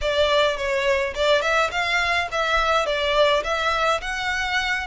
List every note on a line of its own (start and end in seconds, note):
0.01 0.56 D5
0.56 1.14 C#5
1.15 1.41 D5
1.41 1.70 E5
1.71 2.28 F5
2.31 2.86 E5
2.86 3.43 D5
3.43 4.00 E5
4.01 4.86 F#5